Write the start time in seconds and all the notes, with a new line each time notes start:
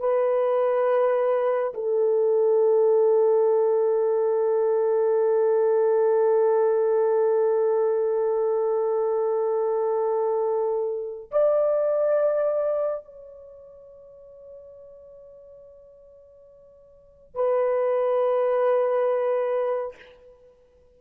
0.00 B4
1.74 A4
11.31 D5
13.05 C#5
17.35 B4